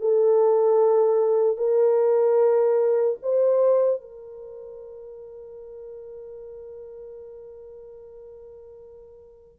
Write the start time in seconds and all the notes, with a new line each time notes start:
0.00 A4
1.57 A#4
3.23 C5
4.01 A#4